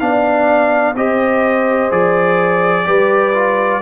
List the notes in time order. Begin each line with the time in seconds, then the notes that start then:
0.00 B3 D4 D5 F5
0.95 C4 G4 C5 D#5
1.91 F3 G#4 D5
2.86 G3 G4 B4
3.35 F4